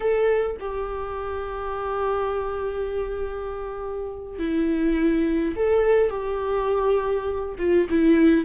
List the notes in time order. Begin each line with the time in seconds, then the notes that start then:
0.00 A4
0.60 G4
4.38 E4
5.56 A4
6.10 G4
7.58 F4
7.89 E4